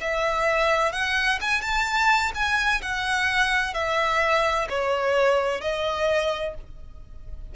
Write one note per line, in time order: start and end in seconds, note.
0.00 0.92 E5
0.92 1.39 F#5
1.41 1.61 G#5
1.61 2.31 A5
2.34 2.81 G#5
2.82 3.74 F#5
3.74 4.67 E5
4.69 5.60 C#5
5.60 6.54 D#5